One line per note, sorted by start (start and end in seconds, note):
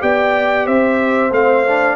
0.00 0.67 B3
0.00 1.30 G4
0.00 0.66 D5
0.00 0.67 G5
0.66 1.31 C4
0.66 1.96 C5
0.66 1.32 E5
1.31 1.96 A3
1.31 1.66 C4
1.31 1.96 F5
1.67 1.96 D4